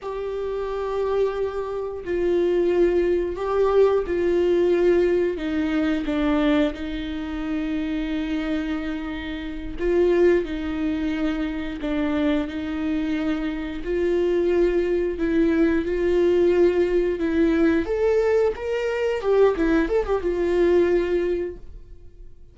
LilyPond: \new Staff \with { instrumentName = "viola" } { \time 4/4 \tempo 4 = 89 g'2. f'4~ | f'4 g'4 f'2 | dis'4 d'4 dis'2~ | dis'2~ dis'8 f'4 dis'8~ |
dis'4. d'4 dis'4.~ | dis'8 f'2 e'4 f'8~ | f'4. e'4 a'4 ais'8~ | ais'8 g'8 e'8 a'16 g'16 f'2 | }